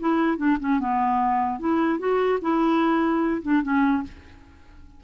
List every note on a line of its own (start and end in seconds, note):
0.00 0.38 E4
0.38 0.58 D4
0.60 0.80 C#4
0.80 1.60 B3
1.60 1.99 E4
1.99 2.39 F#4
2.42 3.42 E4
3.43 3.63 D4
3.63 4.03 C#4